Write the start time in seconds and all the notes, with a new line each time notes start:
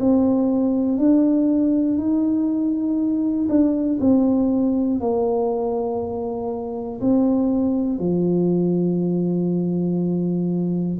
0.00 C4
0.99 D4
1.98 D#4
3.49 D4
4.00 C4
5.00 A#3
7.01 C4
8.00 F3